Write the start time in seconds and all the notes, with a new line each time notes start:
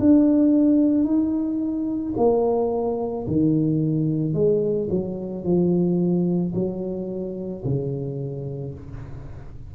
0.00 D4
1.05 D#4
2.17 A#3
3.28 D#3
4.34 G#3
4.90 F#3
5.44 F3
6.55 F#3
7.65 C#3